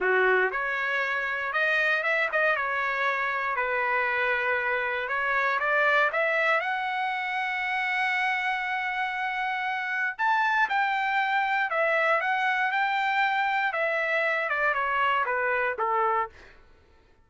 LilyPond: \new Staff \with { instrumentName = "trumpet" } { \time 4/4 \tempo 4 = 118 fis'4 cis''2 dis''4 | e''8 dis''8 cis''2 b'4~ | b'2 cis''4 d''4 | e''4 fis''2.~ |
fis''1 | a''4 g''2 e''4 | fis''4 g''2 e''4~ | e''8 d''8 cis''4 b'4 a'4 | }